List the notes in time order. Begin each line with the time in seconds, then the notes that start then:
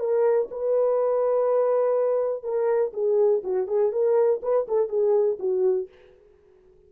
0.00 A#4
0.51 B4
2.44 A#4
2.94 G#4
3.44 F#4
3.68 G#4
3.92 A#4
4.43 B4
4.69 A4
4.89 G#4
5.40 F#4